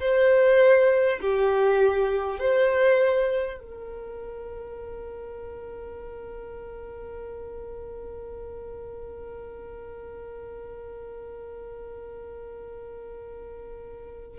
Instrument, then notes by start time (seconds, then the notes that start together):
violin
0.00 C5
1.21 G4
2.39 C5
3.59 A#4